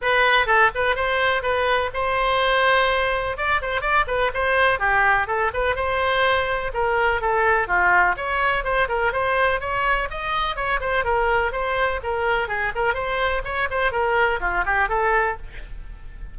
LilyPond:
\new Staff \with { instrumentName = "oboe" } { \time 4/4 \tempo 4 = 125 b'4 a'8 b'8 c''4 b'4 | c''2. d''8 c''8 | d''8 b'8 c''4 g'4 a'8 b'8 | c''2 ais'4 a'4 |
f'4 cis''4 c''8 ais'8 c''4 | cis''4 dis''4 cis''8 c''8 ais'4 | c''4 ais'4 gis'8 ais'8 c''4 | cis''8 c''8 ais'4 f'8 g'8 a'4 | }